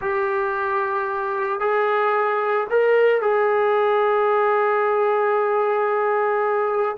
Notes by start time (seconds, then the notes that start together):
0.01 G4
1.60 G#4
2.70 A#4
3.21 G#4